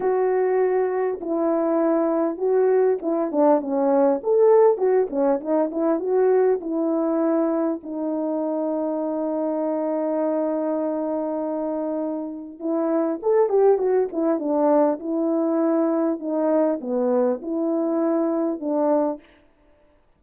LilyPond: \new Staff \with { instrumentName = "horn" } { \time 4/4 \tempo 4 = 100 fis'2 e'2 | fis'4 e'8 d'8 cis'4 a'4 | fis'8 cis'8 dis'8 e'8 fis'4 e'4~ | e'4 dis'2.~ |
dis'1~ | dis'4 e'4 a'8 g'8 fis'8 e'8 | d'4 e'2 dis'4 | b4 e'2 d'4 | }